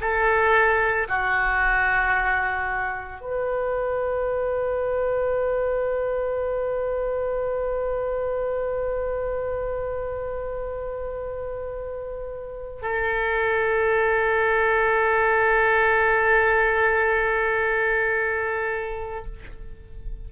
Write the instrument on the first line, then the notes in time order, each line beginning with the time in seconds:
oboe
0.00 A4
1.08 F#4
3.20 B4
12.82 A4